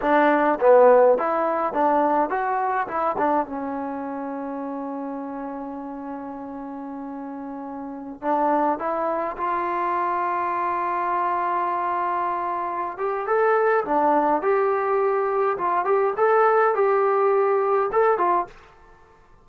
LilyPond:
\new Staff \with { instrumentName = "trombone" } { \time 4/4 \tempo 4 = 104 d'4 b4 e'4 d'4 | fis'4 e'8 d'8 cis'2~ | cis'1~ | cis'2~ cis'16 d'4 e'8.~ |
e'16 f'2.~ f'8.~ | f'2~ f'8 g'8 a'4 | d'4 g'2 f'8 g'8 | a'4 g'2 a'8 f'8 | }